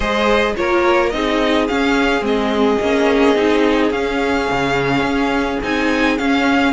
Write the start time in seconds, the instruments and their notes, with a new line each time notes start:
0.00 cello G#3, viola G#4, violin C5 D#5
0.56 cello A#3, viola F4, violin A#4 C#5
1.09 cello C4, viola D#4, violin D#5
1.15 violin G#4
1.67 viola C#4, cello C#4, violin F5
2.21 cello G#3, viola C4, violin D#5
2.81 cello A#3, viola C#4
3.35 cello C4, viola D#4
3.91 cello C#4, viola C#4, violin F5
4.51 cello C#3
5.02 cello C#4
5.62 cello C4, viola D#4, violin G#5
6.17 viola C#4, cello C#4, violin F5